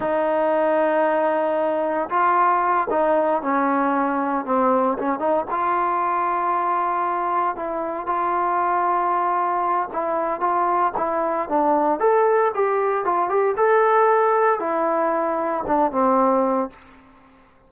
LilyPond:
\new Staff \with { instrumentName = "trombone" } { \time 4/4 \tempo 4 = 115 dis'1 | f'4. dis'4 cis'4.~ | cis'8 c'4 cis'8 dis'8 f'4.~ | f'2~ f'8 e'4 f'8~ |
f'2. e'4 | f'4 e'4 d'4 a'4 | g'4 f'8 g'8 a'2 | e'2 d'8 c'4. | }